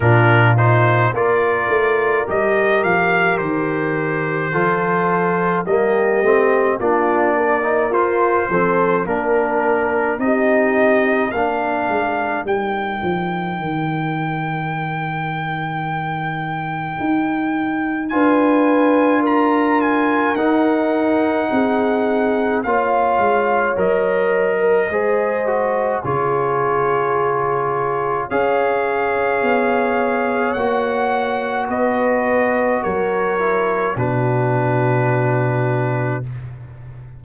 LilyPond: <<
  \new Staff \with { instrumentName = "trumpet" } { \time 4/4 \tempo 4 = 53 ais'8 c''8 d''4 dis''8 f''8 c''4~ | c''4 dis''4 d''4 c''4 | ais'4 dis''4 f''4 g''4~ | g''1 |
gis''4 ais''8 gis''8 fis''2 | f''4 dis''2 cis''4~ | cis''4 f''2 fis''4 | dis''4 cis''4 b'2 | }
  \new Staff \with { instrumentName = "horn" } { \time 4/4 f'4 ais'2. | a'4 g'4 f'8 ais'4 a'8 | ais'4 g'4 ais'2~ | ais'1 |
b'4 ais'2 gis'4 | cis''4.~ cis''16 ais'16 c''4 gis'4~ | gis'4 cis''2. | b'4 ais'4 fis'2 | }
  \new Staff \with { instrumentName = "trombone" } { \time 4/4 d'8 dis'8 f'4 g'2 | f'4 ais8 c'8 d'8. dis'16 f'8 c'8 | d'4 dis'4 d'4 dis'4~ | dis'1 |
f'2 dis'2 | f'4 ais'4 gis'8 fis'8 f'4~ | f'4 gis'2 fis'4~ | fis'4. e'8 d'2 | }
  \new Staff \with { instrumentName = "tuba" } { \time 4/4 ais,4 ais8 a8 g8 f8 dis4 | f4 g8 a8 ais4 f'8 f8 | ais4 c'4 ais8 gis8 g8 f8 | dis2. dis'4 |
d'2 dis'4 c'4 | ais8 gis8 fis4 gis4 cis4~ | cis4 cis'4 b4 ais4 | b4 fis4 b,2 | }
>>